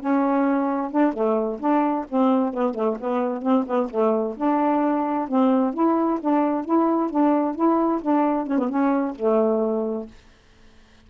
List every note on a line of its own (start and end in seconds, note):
0.00 0.91 C#4
0.91 1.13 D4
1.13 1.59 A3
1.59 2.05 D4
2.09 2.53 C4
2.53 2.74 B3
2.74 2.97 A3
3.00 3.42 B3
3.42 3.65 C4
3.67 3.90 B3
3.90 4.36 A3
4.37 5.28 D4
5.28 5.74 C4
5.74 6.19 E4
6.20 6.65 D4
6.65 7.10 E4
7.10 7.55 D4
7.55 8.01 E4
8.01 8.47 D4
8.47 8.58 C#4
8.58 8.69 B3
8.69 9.15 C#4
9.15 10.07 A3